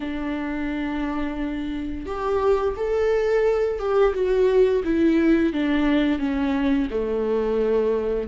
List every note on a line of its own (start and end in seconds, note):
0.00 2.05 D4
2.05 2.74 G4
2.76 3.79 A4
3.79 4.13 G4
4.13 4.82 F#4
4.83 5.52 E4
5.52 6.18 D4
6.18 6.87 C#4
6.90 8.28 A3